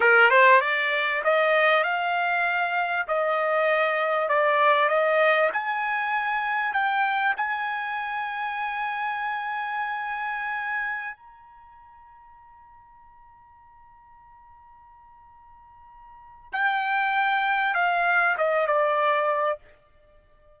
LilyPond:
\new Staff \with { instrumentName = "trumpet" } { \time 4/4 \tempo 4 = 98 ais'8 c''8 d''4 dis''4 f''4~ | f''4 dis''2 d''4 | dis''4 gis''2 g''4 | gis''1~ |
gis''2~ gis''16 ais''4.~ ais''16~ | ais''1~ | ais''2. g''4~ | g''4 f''4 dis''8 d''4. | }